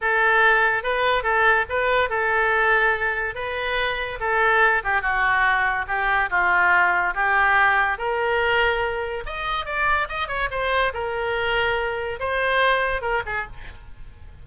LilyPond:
\new Staff \with { instrumentName = "oboe" } { \time 4/4 \tempo 4 = 143 a'2 b'4 a'4 | b'4 a'2. | b'2 a'4. g'8 | fis'2 g'4 f'4~ |
f'4 g'2 ais'4~ | ais'2 dis''4 d''4 | dis''8 cis''8 c''4 ais'2~ | ais'4 c''2 ais'8 gis'8 | }